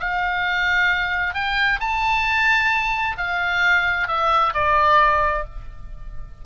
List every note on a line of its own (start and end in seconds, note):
0.00 1.34 F5
1.34 1.80 G5
1.80 3.17 A5
3.18 4.08 F5
4.08 4.54 E5
4.54 5.45 D5